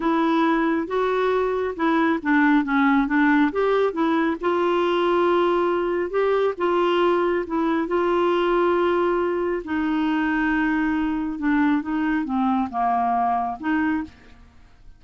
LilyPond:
\new Staff \with { instrumentName = "clarinet" } { \time 4/4 \tempo 4 = 137 e'2 fis'2 | e'4 d'4 cis'4 d'4 | g'4 e'4 f'2~ | f'2 g'4 f'4~ |
f'4 e'4 f'2~ | f'2 dis'2~ | dis'2 d'4 dis'4 | c'4 ais2 dis'4 | }